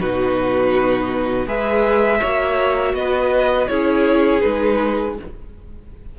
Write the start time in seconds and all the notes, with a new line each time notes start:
0.00 B2 D#4 F#4 B4
1.47 G#3 G#4 B4 E5
2.19 A#3 F#4 C#5
2.94 B3 B4 D#5
3.68 C#4 E4 G#4 C#5
4.41 G#3 D#4 B4